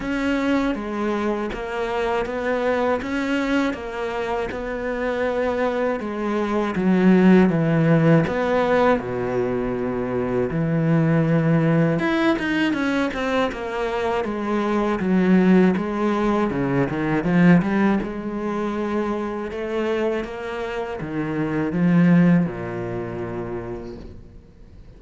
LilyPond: \new Staff \with { instrumentName = "cello" } { \time 4/4 \tempo 4 = 80 cis'4 gis4 ais4 b4 | cis'4 ais4 b2 | gis4 fis4 e4 b4 | b,2 e2 |
e'8 dis'8 cis'8 c'8 ais4 gis4 | fis4 gis4 cis8 dis8 f8 g8 | gis2 a4 ais4 | dis4 f4 ais,2 | }